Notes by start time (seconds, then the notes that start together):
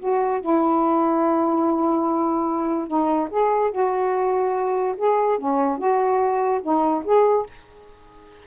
0.00 F#4
0.41 E4
2.88 D#4
3.30 G#4
3.71 F#4
4.97 G#4
5.39 C#4
5.78 F#4
6.63 D#4
7.05 G#4